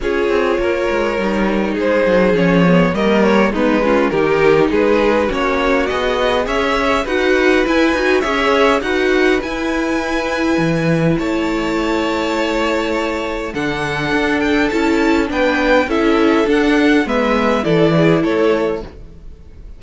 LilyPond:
<<
  \new Staff \with { instrumentName = "violin" } { \time 4/4 \tempo 4 = 102 cis''2. c''4 | cis''4 dis''8 cis''8 b'4 ais'4 | b'4 cis''4 dis''4 e''4 | fis''4 gis''4 e''4 fis''4 |
gis''2. a''4~ | a''2. fis''4~ | fis''8 g''8 a''4 g''4 e''4 | fis''4 e''4 d''4 cis''4 | }
  \new Staff \with { instrumentName = "violin" } { \time 4/4 gis'4 ais'2 gis'4~ | gis'4 ais'4 dis'8 f'8 g'4 | gis'4 fis'2 cis''4 | b'2 cis''4 b'4~ |
b'2. cis''4~ | cis''2. a'4~ | a'2 b'4 a'4~ | a'4 b'4 a'8 gis'8 a'4 | }
  \new Staff \with { instrumentName = "viola" } { \time 4/4 f'2 dis'2 | cis'8 b8 ais4 b8 cis'8 dis'4~ | dis'4 cis'4 gis'2 | fis'4 e'8 fis'8 gis'4 fis'4 |
e'1~ | e'2. d'4~ | d'4 e'4 d'4 e'4 | d'4 b4 e'2 | }
  \new Staff \with { instrumentName = "cello" } { \time 4/4 cis'8 c'8 ais8 gis8 g4 gis8 fis8 | f4 g4 gis4 dis4 | gis4 ais4 b4 cis'4 | dis'4 e'8 dis'8 cis'4 dis'4 |
e'2 e4 a4~ | a2. d4 | d'4 cis'4 b4 cis'4 | d'4 gis4 e4 a4 | }
>>